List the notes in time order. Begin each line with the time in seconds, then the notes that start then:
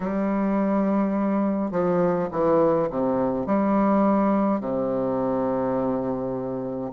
0.00 G3
1.70 F3
2.31 E3
2.90 C3
3.46 G3
4.60 C3